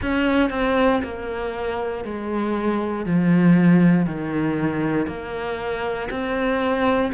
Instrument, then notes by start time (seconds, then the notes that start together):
cello
0.01 C#4
0.50 C4
1.04 A#3
2.04 G#3
3.05 F3
4.05 D#3
5.07 A#3
6.10 C4